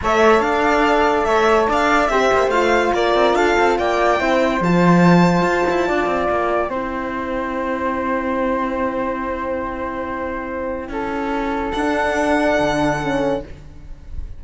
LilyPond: <<
  \new Staff \with { instrumentName = "violin" } { \time 4/4 \tempo 4 = 143 e''4 f''2 e''4 | f''4 e''4 f''4 d''4 | f''4 g''2 a''4~ | a''2. g''4~ |
g''1~ | g''1~ | g''1 | fis''1 | }
  \new Staff \with { instrumentName = "flute" } { \time 4/4 cis''4 d''2 cis''4 | d''4 c''2 ais'4 | a'4 d''4 c''2~ | c''2 d''2 |
c''1~ | c''1~ | c''2 a'2~ | a'1 | }
  \new Staff \with { instrumentName = "horn" } { \time 4/4 a'1~ | a'4 g'4 f'2~ | f'2 e'4 f'4~ | f'1 |
e'1~ | e'1~ | e'1 | d'2. cis'4 | }
  \new Staff \with { instrumentName = "cello" } { \time 4/4 a4 d'2 a4 | d'4 c'8 ais8 a4 ais8 c'8 | d'8 c'8 ais4 c'4 f4~ | f4 f'8 e'8 d'8 c'8 ais4 |
c'1~ | c'1~ | c'2 cis'2 | d'2 d2 | }
>>